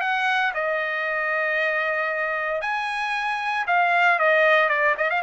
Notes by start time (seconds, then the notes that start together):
0.00 F#5
0.54 D#5
2.61 G#5
3.67 F5
4.18 D#5
4.68 D5
4.97 D#5
5.10 F5